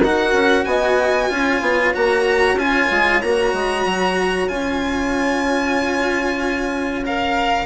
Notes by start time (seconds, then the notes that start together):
0.00 D#4 F#4 A#4 F#5
0.33 C#4
0.65 B3 D#5 G#5
1.30 C#4 F4 C#5
1.61 B3
1.94 A#3 F#4 A#5
2.54 C#4 F4 G#5
2.91 G#3
3.21 A#3 F#4 A#5
3.53 G#3
3.86 F#3
4.48 C#4 F4 G#5
7.05 A#4 F5